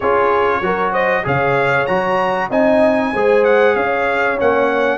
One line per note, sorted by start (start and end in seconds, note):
0.00 0.60 C#4
0.00 0.62 F4
0.00 0.60 G#4
0.00 0.93 C#5
0.60 1.23 F#3
0.60 1.24 F#4
0.60 0.91 A#4
0.91 1.23 C5
0.91 1.24 D#5
1.24 1.88 C#3
1.24 1.86 G#4
1.24 2.49 C#5
1.24 1.86 F5
1.86 2.50 F#3
1.86 2.50 F#4
1.86 2.48 A#5
2.49 3.12 C4
2.49 3.13 D#4
2.49 3.12 D#5
2.49 3.44 G#5
3.12 3.75 G#3
3.12 4.37 G#4
3.12 3.75 C5
3.44 3.75 F#5
3.75 4.38 C#4
3.75 4.98 C#5
3.75 4.38 F5
4.37 4.98 A#3
4.37 4.98 C#4
4.37 4.98 F#5